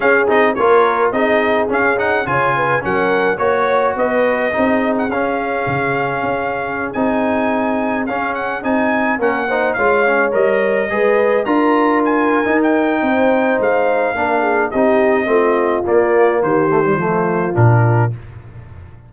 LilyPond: <<
  \new Staff \with { instrumentName = "trumpet" } { \time 4/4 \tempo 4 = 106 f''8 dis''8 cis''4 dis''4 f''8 fis''8 | gis''4 fis''4 cis''4 dis''4~ | dis''8. fis''16 f''2.~ | f''16 gis''2 f''8 fis''8 gis''8.~ |
gis''16 fis''4 f''4 dis''4.~ dis''16~ | dis''16 ais''4 gis''4 g''4.~ g''16 | f''2 dis''2 | d''4 c''2 ais'4 | }
  \new Staff \with { instrumentName = "horn" } { \time 4/4 gis'4 ais'4 gis'2 | cis''8 b'8 ais'4 cis''4 b'4 | gis'1~ | gis'1~ |
gis'16 ais'8 c''8 cis''2 b'8.~ | b'16 ais'2~ ais'8. c''4~ | c''4 ais'8 gis'8 g'4 f'4~ | f'4 g'4 f'2 | }
  \new Staff \with { instrumentName = "trombone" } { \time 4/4 cis'8 dis'8 f'4 dis'4 cis'8 dis'8 | f'4 cis'4 fis'2 | dis'4 cis'2.~ | cis'16 dis'2 cis'4 dis'8.~ |
dis'16 cis'8 dis'8 f'8 cis'8 ais'4 gis'8.~ | gis'16 f'4.~ f'16 dis'2~ | dis'4 d'4 dis'4 c'4 | ais4. a16 g16 a4 d'4 | }
  \new Staff \with { instrumentName = "tuba" } { \time 4/4 cis'8 c'8 ais4 c'4 cis'4 | cis4 fis4 ais4 b4 | c'4 cis'4 cis4 cis'4~ | cis'16 c'2 cis'4 c'8.~ |
c'16 ais4 gis4 g4 gis8.~ | gis16 d'4.~ d'16 dis'4 c'4 | gis4 ais4 c'4 a4 | ais4 dis4 f4 ais,4 | }
>>